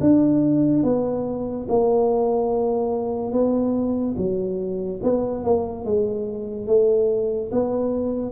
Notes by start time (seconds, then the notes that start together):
0.00 D4
0.83 B3
1.69 A#3
3.31 B3
4.17 F#3
5.02 B3
5.44 A#3
5.84 G#3
6.67 A3
7.51 B3